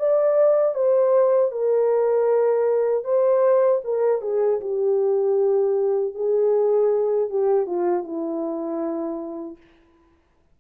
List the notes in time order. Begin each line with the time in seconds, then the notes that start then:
0.00 D5
0.75 C5
1.52 A#4
3.05 C5
3.85 A#4
4.22 G#4
4.61 G4
6.15 G#4
7.30 G4
7.67 F4
8.04 E4